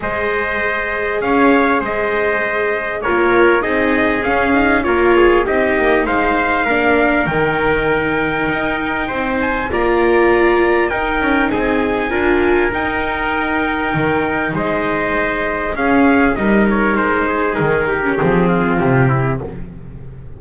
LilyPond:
<<
  \new Staff \with { instrumentName = "trumpet" } { \time 4/4 \tempo 4 = 99 dis''2 f''4 dis''4~ | dis''4 cis''4 dis''4 f''4 | cis''4 dis''4 f''2 | g''2.~ g''8 gis''8 |
ais''2 g''4 gis''4~ | gis''4 g''2. | dis''2 f''4 dis''8 cis''8 | c''4 ais'4 gis'4 g'4 | }
  \new Staff \with { instrumentName = "trumpet" } { \time 4/4 c''2 cis''4 c''4~ | c''4 ais'4 gis'2 | ais'8 gis'8 g'4 c''4 ais'4~ | ais'2. c''4 |
d''2 ais'4 gis'4 | ais'1 | c''2 gis'4 ais'4~ | ais'8 gis'4 g'4 f'4 e'8 | }
  \new Staff \with { instrumentName = "viola" } { \time 4/4 gis'1~ | gis'4 f'4 dis'4 cis'8 dis'8 | f'4 dis'2 d'4 | dis'1 |
f'2 dis'2 | f'4 dis'2.~ | dis'2 cis'4 dis'4~ | dis'4.~ dis'16 cis'16 c'2 | }
  \new Staff \with { instrumentName = "double bass" } { \time 4/4 gis2 cis'4 gis4~ | gis4 ais4 c'4 cis'4 | ais4 c'8 ais8 gis4 ais4 | dis2 dis'4 c'4 |
ais2 dis'8 cis'8 c'4 | d'4 dis'2 dis4 | gis2 cis'4 g4 | gis4 dis4 f4 c4 | }
>>